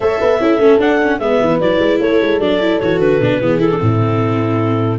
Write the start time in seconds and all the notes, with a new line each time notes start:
0.00 A3 A4 C#5 E5
0.20 B3 B4
0.40 C#4 E4 A4
0.58 A3 C#4
0.78 D4 F#5
1.02 C#4
1.18 G#3 B3 B4 E5
1.40 E3
1.60 F#3 E4 D5
1.79 G#3
1.99 A3 A4 C#5
2.21 G#3
2.39 F#3 D4 D5
2.60 E4
2.79 E3 F#4 C#5
2.99 D3 B4
3.20 B2 D4
3.40 E3 B3 G#4
3.59 E4 A4
3.71 C4 D4
3.79 A2 E4